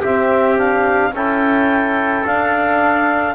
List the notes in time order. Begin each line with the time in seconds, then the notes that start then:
0.00 C4 G4 E5
0.57 D4 F5
1.13 C#4 E4 A4 G5
2.25 D4 F5